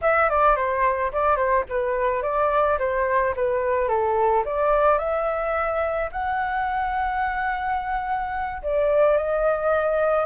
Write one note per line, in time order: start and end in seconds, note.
0.02 0.29 E5
0.29 0.56 D5
0.56 1.11 C5
1.12 1.36 D5
1.36 1.64 C5
1.69 2.22 B4
2.22 2.78 D5
2.78 3.34 C5
3.35 3.88 B4
3.88 4.43 A4
4.45 4.98 D5
4.98 6.09 E5
6.12 8.62 F#5
8.62 9.17 D5
9.17 10.25 D#5